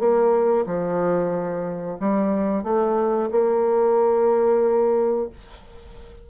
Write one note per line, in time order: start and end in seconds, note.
0.00 0.66 A#3
0.67 1.98 F3
2.00 2.64 G3
2.64 3.30 A3
3.32 5.30 A#3